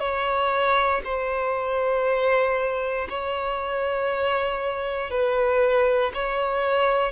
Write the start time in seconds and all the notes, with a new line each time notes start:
0.00 C#5
1.04 C5
3.09 C#5
5.10 B4
6.14 C#5